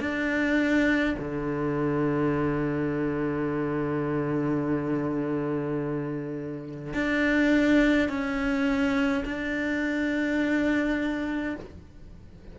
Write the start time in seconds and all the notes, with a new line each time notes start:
0.00 D4
1.19 D3
6.94 D4
8.09 C#4
9.25 D4